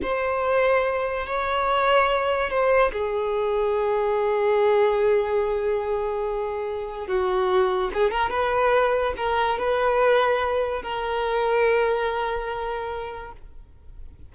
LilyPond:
\new Staff \with { instrumentName = "violin" } { \time 4/4 \tempo 4 = 144 c''2. cis''4~ | cis''2 c''4 gis'4~ | gis'1~ | gis'1~ |
gis'4 fis'2 gis'8 ais'8 | b'2 ais'4 b'4~ | b'2 ais'2~ | ais'1 | }